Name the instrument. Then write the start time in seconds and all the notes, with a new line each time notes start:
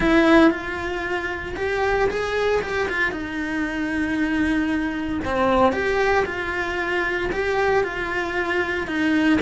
cello
0.00 E4
0.51 F4
1.56 G4
2.09 G#4
2.61 G4
2.89 F4
3.11 D#4
5.25 C4
5.72 G4
6.25 F4
7.32 G4
7.83 F4
8.87 D#4